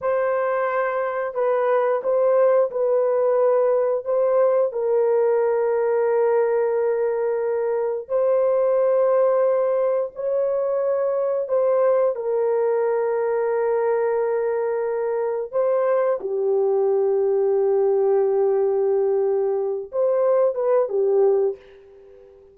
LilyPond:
\new Staff \with { instrumentName = "horn" } { \time 4/4 \tempo 4 = 89 c''2 b'4 c''4 | b'2 c''4 ais'4~ | ais'1 | c''2. cis''4~ |
cis''4 c''4 ais'2~ | ais'2. c''4 | g'1~ | g'4. c''4 b'8 g'4 | }